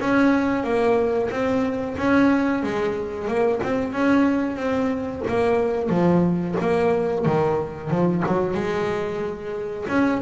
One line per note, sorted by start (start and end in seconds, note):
0.00 0.64 C#4
0.64 1.29 A#3
1.30 1.96 C4
1.97 2.63 C#4
2.63 3.27 G#3
3.27 3.60 A#3
3.63 3.92 C4
3.92 4.56 C#4
4.56 5.21 C4
5.27 5.89 A#3
5.89 6.55 F3
6.60 7.25 A#3
7.25 7.90 D#3
7.90 8.23 F3
8.26 8.54 F#3
8.54 9.86 G#3
9.88 10.21 C#4